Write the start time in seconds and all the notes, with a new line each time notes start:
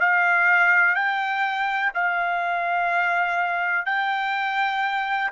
0.00 F5
0.95 G5
1.94 F5
3.86 G5